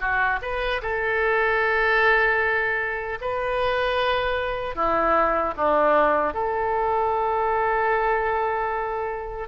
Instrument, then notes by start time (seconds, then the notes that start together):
oboe
0.00 F#4
0.42 B4
0.81 A4
3.21 B4
4.75 E4
5.56 D4
6.33 A4